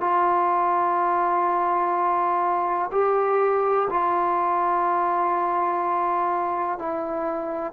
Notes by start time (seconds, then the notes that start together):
0.00 F4
2.91 G4
3.89 F4
6.78 E4